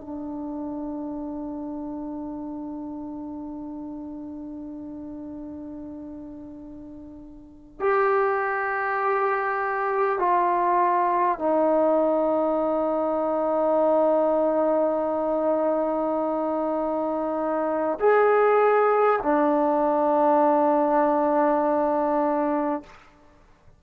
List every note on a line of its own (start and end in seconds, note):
0.00 7.79 D4
7.79 10.18 G4
10.18 11.38 F4
11.38 17.98 D#4
17.99 19.19 G#4
19.23 22.83 D4